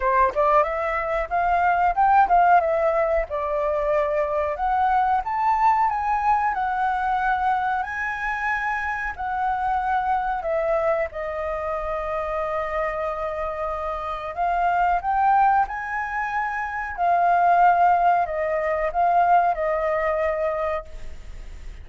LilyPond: \new Staff \with { instrumentName = "flute" } { \time 4/4 \tempo 4 = 92 c''8 d''8 e''4 f''4 g''8 f''8 | e''4 d''2 fis''4 | a''4 gis''4 fis''2 | gis''2 fis''2 |
e''4 dis''2.~ | dis''2 f''4 g''4 | gis''2 f''2 | dis''4 f''4 dis''2 | }